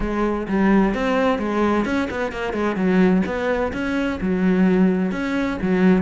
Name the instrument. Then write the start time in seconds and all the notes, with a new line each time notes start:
cello
0.00 G#3
0.48 G3
0.94 C4
1.38 G#3
1.85 C#4
2.10 B3
2.32 A#3
2.53 G#3
2.75 F#3
3.26 B3
3.73 C#4
4.20 F#3
5.11 C#4
5.61 F#3